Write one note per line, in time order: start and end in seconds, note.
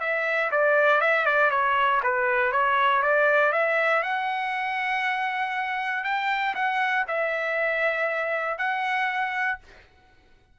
0.00 0.50 E5
0.51 1.01 D5
1.01 1.26 E5
1.26 1.50 D5
1.50 2.01 C#5
2.03 2.52 B4
2.52 3.02 C#5
3.02 3.52 D5
3.52 4.03 E5
4.03 6.04 F#5
6.04 6.54 G5
6.55 7.05 F#5
7.07 8.58 E5
8.58 9.59 F#5